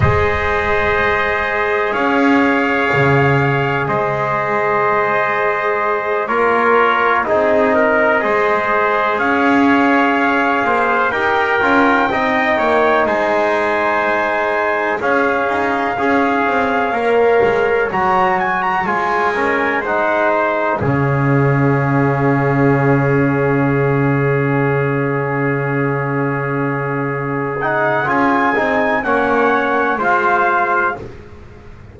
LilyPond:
<<
  \new Staff \with { instrumentName = "trumpet" } { \time 4/4 \tempo 4 = 62 dis''2 f''2 | dis''2~ dis''8 cis''4 dis''8~ | dis''4. f''2 g''8~ | g''4. gis''2 f''8~ |
f''2~ f''8 ais''8 gis''16 ais''16 gis''8~ | gis''8 fis''8 f''2.~ | f''1~ | f''8 fis''8 gis''4 fis''4 f''4 | }
  \new Staff \with { instrumentName = "trumpet" } { \time 4/4 c''2 cis''2 | c''2~ c''8 ais'4 gis'8 | ais'8 c''4 cis''4. c''8 ais'8~ | ais'8 dis''8 cis''8 c''2 gis'8~ |
gis'8 cis''2.~ cis''8 | ais'8 c''4 gis'2~ gis'8~ | gis'1~ | gis'2 cis''4 c''4 | }
  \new Staff \with { instrumentName = "trombone" } { \time 4/4 gis'1~ | gis'2~ gis'8 f'4 dis'8~ | dis'8 gis'2. g'8 | f'8 dis'2. cis'8~ |
cis'8 gis'4 ais'4 fis'4 f'8 | cis'8 dis'4 cis'2~ cis'8~ | cis'1~ | cis'8 dis'8 f'8 dis'8 cis'4 f'4 | }
  \new Staff \with { instrumentName = "double bass" } { \time 4/4 gis2 cis'4 cis4 | gis2~ gis8 ais4 c'8~ | c'8 gis4 cis'4. ais8 dis'8 | cis'8 c'8 ais8 gis2 cis'8 |
dis'8 cis'8 c'8 ais8 gis8 fis4 gis8~ | gis4. cis2~ cis8~ | cis1~ | cis4 cis'8 c'8 ais4 gis4 | }
>>